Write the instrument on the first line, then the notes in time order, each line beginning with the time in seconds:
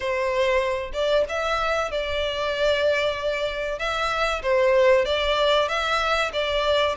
violin
0.00 C5
0.93 D5
1.28 E5
1.91 D5
3.79 E5
4.42 C5
5.05 D5
5.68 E5
6.32 D5